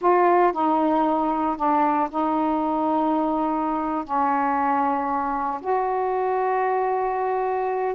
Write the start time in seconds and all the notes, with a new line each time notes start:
0.01 F4
0.52 D#4
1.56 D4
2.10 D#4
4.04 C#4
5.61 F#4